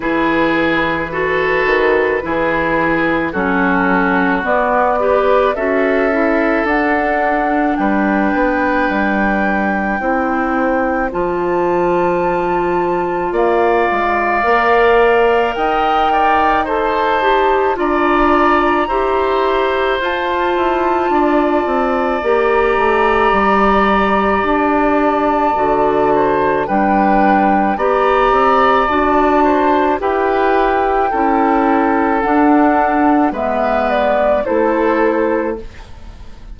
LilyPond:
<<
  \new Staff \with { instrumentName = "flute" } { \time 4/4 \tempo 4 = 54 b'2. a'4 | d''4 e''4 fis''4 g''4~ | g''2 a''2 | f''2 g''4 a''4 |
ais''2 a''2 | ais''2 a''2 | g''4 ais''4 a''4 g''4~ | g''4 fis''4 e''8 d''8 c''4 | }
  \new Staff \with { instrumentName = "oboe" } { \time 4/4 gis'4 a'4 gis'4 fis'4~ | fis'8 b'8 a'2 b'4~ | b'4 c''2. | d''2 dis''8 d''8 c''4 |
d''4 c''2 d''4~ | d''2.~ d''8 c''8 | b'4 d''4. c''8 b'4 | a'2 b'4 a'4 | }
  \new Staff \with { instrumentName = "clarinet" } { \time 4/4 e'4 fis'4 e'4 cis'4 | b8 g'8 fis'8 e'8 d'2~ | d'4 e'4 f'2~ | f'4 ais'2 a'8 g'8 |
f'4 g'4 f'2 | g'2. fis'4 | d'4 g'4 fis'4 g'4 | e'4 d'4 b4 e'4 | }
  \new Staff \with { instrumentName = "bassoon" } { \time 4/4 e4. dis8 e4 fis4 | b4 cis'4 d'4 g8 b8 | g4 c'4 f2 | ais8 gis8 ais4 dis'2 |
d'4 e'4 f'8 e'8 d'8 c'8 | ais8 a8 g4 d'4 d4 | g4 b8 c'8 d'4 e'4 | cis'4 d'4 gis4 a4 | }
>>